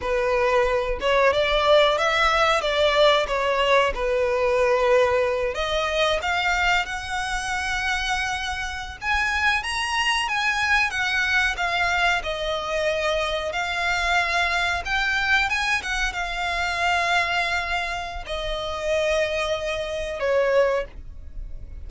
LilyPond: \new Staff \with { instrumentName = "violin" } { \time 4/4 \tempo 4 = 92 b'4. cis''8 d''4 e''4 | d''4 cis''4 b'2~ | b'8 dis''4 f''4 fis''4.~ | fis''4.~ fis''16 gis''4 ais''4 gis''16~ |
gis''8. fis''4 f''4 dis''4~ dis''16~ | dis''8. f''2 g''4 gis''16~ | gis''16 fis''8 f''2.~ f''16 | dis''2. cis''4 | }